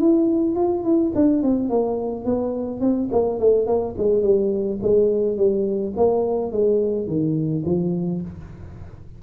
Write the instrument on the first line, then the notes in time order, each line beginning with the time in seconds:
tuba
0.00 E4
0.55 F4
0.84 E4
1.15 D4
1.43 C4
1.69 A#3
2.25 B3
2.81 C4
3.12 A#3
3.40 A3
3.66 A#3
3.98 G#3
4.23 G3
4.82 G#3
5.37 G3
5.97 A#3
6.52 G#3
7.07 D#3
7.65 F3